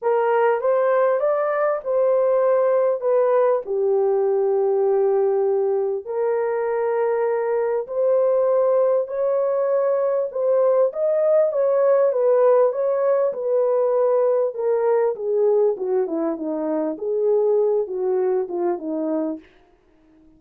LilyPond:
\new Staff \with { instrumentName = "horn" } { \time 4/4 \tempo 4 = 99 ais'4 c''4 d''4 c''4~ | c''4 b'4 g'2~ | g'2 ais'2~ | ais'4 c''2 cis''4~ |
cis''4 c''4 dis''4 cis''4 | b'4 cis''4 b'2 | ais'4 gis'4 fis'8 e'8 dis'4 | gis'4. fis'4 f'8 dis'4 | }